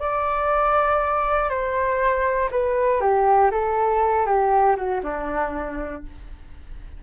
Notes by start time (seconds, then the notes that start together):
0.00 D5
1.50 C5
2.52 B4
3.01 G4
3.52 A4
4.27 G4
4.77 F#4
5.03 D4